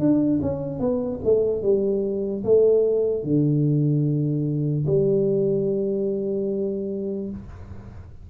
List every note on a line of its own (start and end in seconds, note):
0.00 0.41 D4
0.42 0.80 C#4
0.80 1.20 B3
1.25 1.63 A3
1.63 2.44 G3
2.44 3.24 A3
3.24 4.86 D3
4.87 7.30 G3